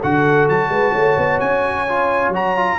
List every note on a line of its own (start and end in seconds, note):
0.00 0.49 D3
0.00 1.88 F#4
0.00 0.69 A4
0.00 0.49 F#5
0.49 0.69 F#3
0.49 1.40 A5
0.69 0.92 G#3
0.69 0.92 B4
0.92 1.17 A3
0.92 2.77 C#5
1.17 1.40 B3
1.40 2.29 C#4
1.40 2.32 G#5
1.88 2.34 F4
2.29 2.75 F#3
2.29 2.57 F#4
2.35 2.78 A#5
2.57 2.78 F4